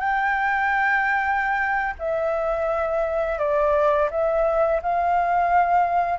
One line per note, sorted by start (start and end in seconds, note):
0.00 1.94 G5
1.99 3.39 E5
3.39 4.09 D5
4.11 4.81 E5
4.83 6.19 F5